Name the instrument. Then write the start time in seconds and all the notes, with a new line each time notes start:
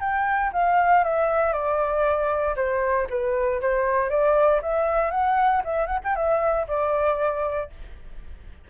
flute
0.00 G5
0.52 F5
1.04 E5
1.52 D5
2.56 C5
3.10 B4
3.61 C5
4.09 D5
4.62 E5
5.11 F#5
5.64 E5
5.86 F#5
6.04 G5
6.15 E5
6.67 D5